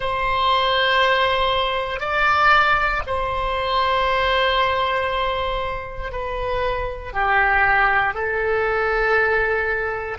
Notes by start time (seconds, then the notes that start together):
0.00 C5
2.00 D5
3.06 C5
6.12 B4
7.13 G4
8.14 A4